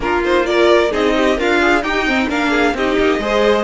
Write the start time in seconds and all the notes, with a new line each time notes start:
0.00 A#3 D4 F4 A#4
0.24 D#4 C5
0.43 F4 A#4 D5
0.91 C4 D#4 G#4 D#5
1.16 G4
1.36 D4 F4 A#4 F5
1.61 G#4
1.82 D#4 G4 G5
2.06 C4
2.28 A#3 D4 A#4 F5
2.50 G#4
2.74 C4 D#4 G4 D#5
2.99 A#3
3.18 G#3 G#4 C5